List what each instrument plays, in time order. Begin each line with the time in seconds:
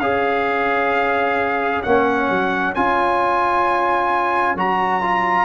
0.00 tuba C#4, trombone G#4, horn C#5, trumpet F5
1.83 tuba A#3, trombone C#4, trumpet F#5
2.30 tuba F#3
2.75 tuba C#4, trombone F4, trumpet G#5
4.55 tuba F#3, trombone F#4, trumpet A#5
5.02 trombone F4